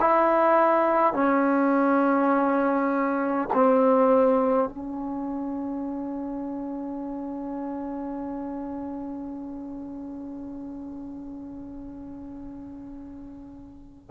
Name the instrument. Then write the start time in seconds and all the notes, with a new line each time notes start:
trombone
0.00 E4
1.13 C#4
3.53 C4
4.69 C#4